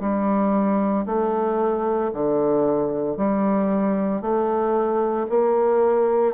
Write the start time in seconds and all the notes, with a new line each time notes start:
0.00 G3
1.06 A3
2.13 D3
3.17 G3
4.22 A3
5.30 A#3